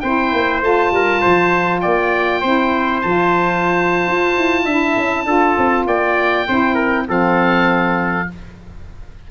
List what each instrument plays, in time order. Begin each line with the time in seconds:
0.00 tuba C4, saxophone E4, trumpet C5, oboe G5
0.32 tuba A#3
0.61 tuba A3, saxophone F4, oboe A5
0.91 tuba G3, trumpet A#4
1.20 tuba F3, trumpet C5
1.80 tuba A#3, trumpet D5, oboe G5
2.40 tuba C4, saxophone E4, trumpet C5
3.01 tuba F3, saxophone F4, oboe A5
4.07 tuba F4
4.37 tuba E4
4.64 tuba D4, saxophone E4, trumpet E5
4.96 tuba C#4
5.25 tuba D4, saxophone F4, trumpet A4
5.57 tuba C4
5.86 tuba A#3, trumpet D5, oboe G5
6.48 tuba C4, saxophone E4, trumpet C5
6.74 trumpet A#4
7.06 tuba F3, saxophone C4, trumpet A4, oboe F5